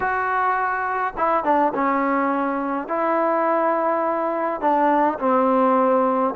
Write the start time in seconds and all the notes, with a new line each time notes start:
0.00 F#4
1.17 E4
1.43 D4
1.74 C#4
2.87 E4
4.60 D4
5.19 C4